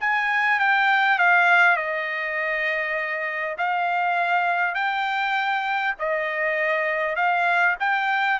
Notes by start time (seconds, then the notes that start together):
0.00 G#5
0.59 G5
1.19 F5
1.77 D#5
3.58 F5
4.75 G5
5.99 D#5
7.16 F5
7.80 G5